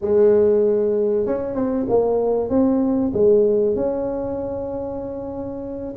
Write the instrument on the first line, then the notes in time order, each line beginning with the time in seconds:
tuba
0.01 G#3
1.26 C#4
1.55 C4
1.88 A#3
2.49 C4
3.13 G#3
3.75 C#4